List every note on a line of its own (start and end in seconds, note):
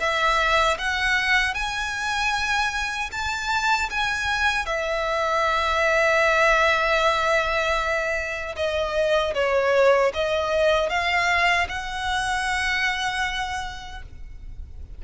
0.00 0.78 E5
0.79 1.55 F#5
1.55 3.11 G#5
3.12 3.90 A5
3.91 4.66 G#5
4.66 8.56 E5
8.56 9.34 D#5
9.35 10.13 C#5
10.14 10.90 D#5
10.90 11.68 F5
11.69 14.03 F#5